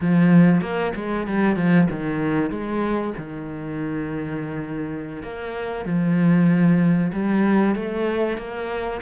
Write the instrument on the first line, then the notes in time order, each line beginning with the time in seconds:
cello
0.00 F3
0.61 A#3
0.95 G#3
1.27 G3
1.56 F3
1.90 D#3
2.50 G#3
3.17 D#3
5.22 A#3
5.85 F3
7.13 G3
7.75 A3
8.37 A#3